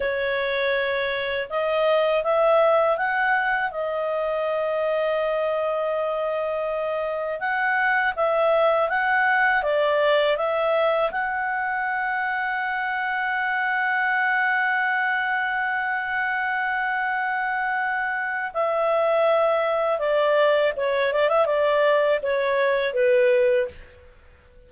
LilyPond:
\new Staff \with { instrumentName = "clarinet" } { \time 4/4 \tempo 4 = 81 cis''2 dis''4 e''4 | fis''4 dis''2.~ | dis''2 fis''4 e''4 | fis''4 d''4 e''4 fis''4~ |
fis''1~ | fis''1~ | fis''4 e''2 d''4 | cis''8 d''16 e''16 d''4 cis''4 b'4 | }